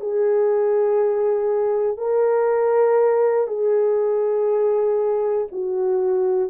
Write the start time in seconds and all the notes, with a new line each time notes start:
0.00 G#4
1.97 A#4
3.47 G#4
5.52 F#4